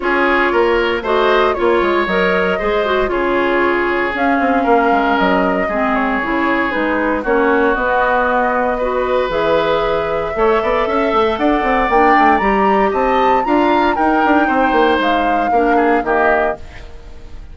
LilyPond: <<
  \new Staff \with { instrumentName = "flute" } { \time 4/4 \tempo 4 = 116 cis''2 dis''4 cis''4 | dis''2 cis''2 | f''2 dis''4. cis''8~ | cis''4 b'4 cis''4 dis''4~ |
dis''2 e''2~ | e''2 fis''4 g''4 | ais''4 a''4 ais''4 g''4~ | g''4 f''2 dis''4 | }
  \new Staff \with { instrumentName = "oboe" } { \time 4/4 gis'4 ais'4 c''4 cis''4~ | cis''4 c''4 gis'2~ | gis'4 ais'2 gis'4~ | gis'2 fis'2~ |
fis'4 b'2. | cis''8 d''8 e''4 d''2~ | d''4 dis''4 f''4 ais'4 | c''2 ais'8 gis'8 g'4 | }
  \new Staff \with { instrumentName = "clarinet" } { \time 4/4 f'2 fis'4 f'4 | ais'4 gis'8 fis'8 f'2 | cis'2. c'4 | e'4 dis'4 cis'4 b4~ |
b4 fis'4 gis'2 | a'2. d'4 | g'2 f'4 dis'4~ | dis'2 d'4 ais4 | }
  \new Staff \with { instrumentName = "bassoon" } { \time 4/4 cis'4 ais4 a4 ais8 gis8 | fis4 gis4 cis2 | cis'8 c'8 ais8 gis8 fis4 gis4 | cis4 gis4 ais4 b4~ |
b2 e2 | a8 b8 cis'8 a8 d'8 c'8 ais8 a8 | g4 c'4 d'4 dis'8 d'8 | c'8 ais8 gis4 ais4 dis4 | }
>>